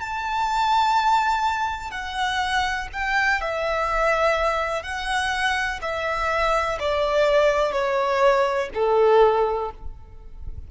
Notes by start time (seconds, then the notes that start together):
0.00 A5
1.91 F#5
2.93 G5
3.40 E5
4.82 F#5
5.82 E5
6.79 D5
7.72 C#5
8.74 A4